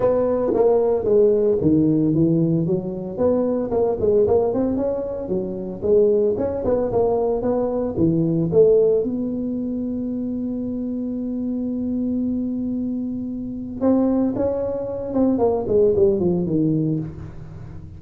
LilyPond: \new Staff \with { instrumentName = "tuba" } { \time 4/4 \tempo 4 = 113 b4 ais4 gis4 dis4 | e4 fis4 b4 ais8 gis8 | ais8 c'8 cis'4 fis4 gis4 | cis'8 b8 ais4 b4 e4 |
a4 b2.~ | b1~ | b2 c'4 cis'4~ | cis'8 c'8 ais8 gis8 g8 f8 dis4 | }